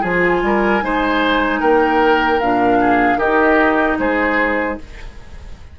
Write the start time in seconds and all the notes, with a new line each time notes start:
0.00 F3 F4 G#4 G#5
0.42 G3 A#4
0.81 G#3 D#4 C5
1.60 A#3 A#4 G5
2.40 A#2 D4 F5
2.80 G#4
3.15 D#3 D#4 G4 D#5
3.98 G#3 G#4 C5